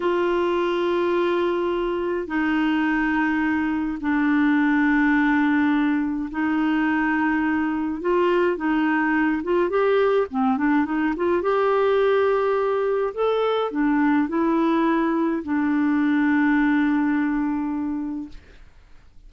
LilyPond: \new Staff \with { instrumentName = "clarinet" } { \time 4/4 \tempo 4 = 105 f'1 | dis'2. d'4~ | d'2. dis'4~ | dis'2 f'4 dis'4~ |
dis'8 f'8 g'4 c'8 d'8 dis'8 f'8 | g'2. a'4 | d'4 e'2 d'4~ | d'1 | }